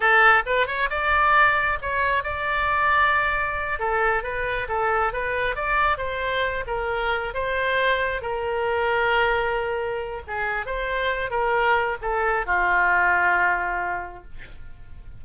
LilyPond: \new Staff \with { instrumentName = "oboe" } { \time 4/4 \tempo 4 = 135 a'4 b'8 cis''8 d''2 | cis''4 d''2.~ | d''8 a'4 b'4 a'4 b'8~ | b'8 d''4 c''4. ais'4~ |
ais'8 c''2 ais'4.~ | ais'2. gis'4 | c''4. ais'4. a'4 | f'1 | }